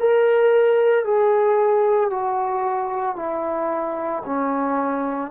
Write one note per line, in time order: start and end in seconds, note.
0.00 1.05 A#4
1.05 2.10 G#4
2.10 3.16 F#4
3.16 4.23 E4
4.26 5.31 C#4